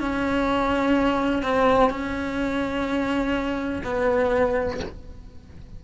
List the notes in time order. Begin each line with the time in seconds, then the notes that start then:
0.00 C#4
1.43 C4
1.90 C#4
3.84 B3